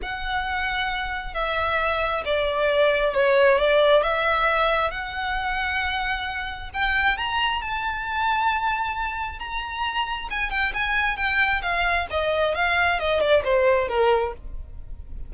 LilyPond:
\new Staff \with { instrumentName = "violin" } { \time 4/4 \tempo 4 = 134 fis''2. e''4~ | e''4 d''2 cis''4 | d''4 e''2 fis''4~ | fis''2. g''4 |
ais''4 a''2.~ | a''4 ais''2 gis''8 g''8 | gis''4 g''4 f''4 dis''4 | f''4 dis''8 d''8 c''4 ais'4 | }